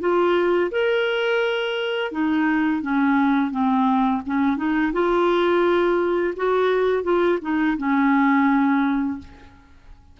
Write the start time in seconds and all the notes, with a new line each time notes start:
0.00 F4
0.71 A#4
2.12 D#4
2.82 C#4
3.51 C4
4.26 C#4
4.57 D#4
4.93 F4
6.37 F#4
7.04 F4
7.42 D#4
7.78 C#4